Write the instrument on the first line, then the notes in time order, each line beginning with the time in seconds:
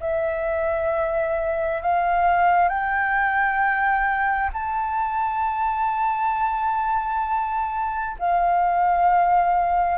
flute
0.00 E5
1.81 F5
2.68 G5
4.53 A5
8.19 F5